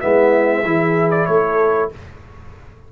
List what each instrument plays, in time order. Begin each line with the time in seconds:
0.00 tuba G#3, trombone B3, horn E4, trumpet E5
0.65 tuba E3, trombone E4, horn G#4
1.11 trumpet D5
1.26 tuba A3, horn A4, trumpet C#5